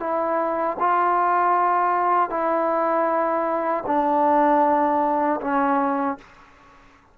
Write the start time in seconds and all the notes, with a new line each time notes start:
0.00 E4
0.80 F4
2.30 E4
3.87 D4
5.41 C#4